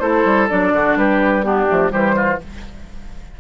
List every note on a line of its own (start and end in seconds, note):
0.00 0.25 A3
0.00 0.49 E4
0.00 0.73 A4
0.00 0.48 C5
0.25 0.49 G3
0.49 0.73 F#3
0.49 1.44 D4
0.49 0.97 D5
0.73 0.96 D3
0.73 0.99 F#4
0.96 1.67 G3
0.96 1.46 G4
0.96 1.44 B4
1.44 1.68 B3
1.44 1.92 D4
1.44 1.92 G4
1.68 1.93 F3
1.68 1.89 A3
1.89 2.40 E3
1.89 2.37 G3
1.89 2.16 G4
1.89 2.40 C5
2.16 2.40 F4